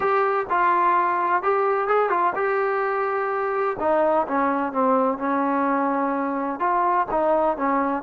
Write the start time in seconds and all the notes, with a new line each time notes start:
0.00 G4
0.49 F4
1.42 G4
1.88 G#4
2.09 F4
2.35 G4
3.79 D#4
4.27 C#4
4.72 C4
5.18 C#4
6.59 F4
7.11 D#4
7.57 C#4